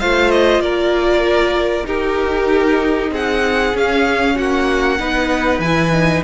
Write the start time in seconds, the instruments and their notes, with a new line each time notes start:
0.00 cello A3, viola F4, violin C5 F5
0.31 violin D#5
0.59 cello A#3, violin A#4 D5
1.85 viola D#4, cello D#4, violin G4 A#4
3.11 cello C4, violin G#4 F#5
3.75 cello C#4, viola C#4, violin F5
4.36 cello A#3, violin F#4 F#5
4.99 cello B3, viola D#4, violin B4
5.59 cello E3, viola E4, violin G#5
5.93 viola D#4